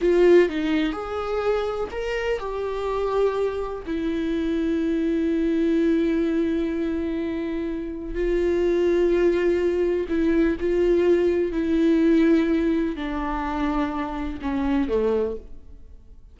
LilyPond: \new Staff \with { instrumentName = "viola" } { \time 4/4 \tempo 4 = 125 f'4 dis'4 gis'2 | ais'4 g'2. | e'1~ | e'1~ |
e'4 f'2.~ | f'4 e'4 f'2 | e'2. d'4~ | d'2 cis'4 a4 | }